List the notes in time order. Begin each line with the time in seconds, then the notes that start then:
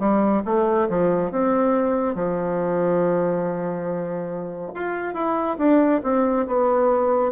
0.00 G3
0.45 A3
0.90 F3
1.31 C4
2.15 F3
4.75 F4
5.14 E4
5.58 D4
6.04 C4
6.47 B3